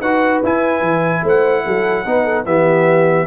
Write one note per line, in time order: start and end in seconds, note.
0.00 0.42 D#4
0.00 0.44 F#4
0.00 1.22 B4
0.00 0.42 F#5
0.44 0.81 E4
0.44 2.06 E4
0.44 1.27 G#5
0.81 1.22 E3
1.24 1.65 A3
1.24 1.65 C5
1.24 2.46 F#5
1.66 2.06 F#3
1.66 2.06 A4
2.06 2.46 B3
2.06 2.46 D#4
2.06 2.25 B4
2.25 2.45 A4
2.46 3.27 E3
2.46 3.27 B3
2.46 3.27 G4
2.46 3.27 E5